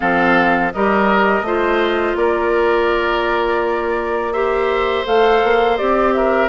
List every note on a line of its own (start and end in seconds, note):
0.00 0.73 F3
0.00 0.72 C4
0.00 0.72 A4
0.00 0.72 F5
0.72 1.41 G3
0.72 1.45 G4
0.72 1.46 A#4
0.72 2.17 D#5
1.41 2.13 A3
1.41 4.34 F4
1.41 2.17 C5
2.15 5.04 A#3
2.15 4.33 A#4
2.15 4.33 D5
4.33 5.05 G4
4.33 6.14 C5
4.33 5.05 E5
5.05 5.42 A3
5.05 5.78 A4
5.05 5.77 F5
5.43 5.79 A#3
5.77 6.48 C4
5.77 6.48 G4
5.77 6.13 D5
6.13 6.48 A#4
6.13 6.48 E5